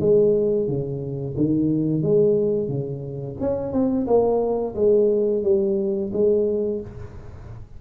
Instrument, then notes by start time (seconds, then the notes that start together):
tuba
0.00 G#3
0.68 C#3
1.37 D#3
2.02 G#3
2.69 C#3
3.40 C#4
3.72 C4
4.07 A#3
4.75 G#3
5.43 G3
6.13 G#3